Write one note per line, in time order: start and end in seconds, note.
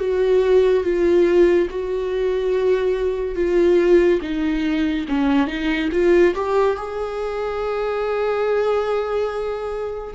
0.00 0.84 F#4
0.84 1.68 F4
1.70 3.36 F#4
3.36 4.20 F4
4.22 5.06 D#4
5.09 5.47 C#4
5.47 5.90 D#4
5.92 6.35 F4
6.35 6.77 G4
6.77 10.15 G#4